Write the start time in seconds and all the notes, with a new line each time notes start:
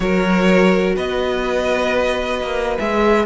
0.00 F#3 F#4 A#4 C#5
0.95 B3 B4 D#5
2.41 A#3
2.78 G#3 G#4 E5